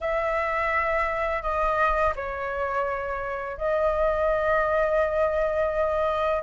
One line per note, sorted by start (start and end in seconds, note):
0.00 1.42 E5
1.42 2.13 D#5
2.15 3.57 C#5
3.57 6.43 D#5